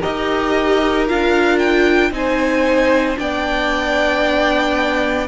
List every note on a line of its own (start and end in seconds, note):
0.00 1.07 G4
0.00 2.11 A#4
0.00 1.07 D#5
0.06 1.10 D#4
1.07 2.11 D4
1.07 2.11 F4
1.07 1.59 F5
1.59 2.11 G5
2.11 3.16 C4
2.11 3.16 D#4
2.11 3.19 C5
2.11 3.18 G#5
3.16 5.27 B3
3.16 5.26 D4
3.16 5.27 D5
3.16 5.27 G5